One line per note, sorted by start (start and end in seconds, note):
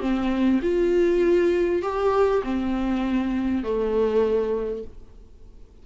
0.00 0.60 C4
0.62 1.82 F4
1.82 2.42 G4
2.43 3.63 C4
3.63 4.83 A3